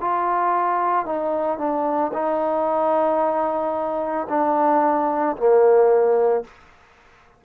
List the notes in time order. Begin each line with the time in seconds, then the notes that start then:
0.00 F4
1.06 D#4
1.58 D4
2.13 D#4
4.29 D4
5.37 A#3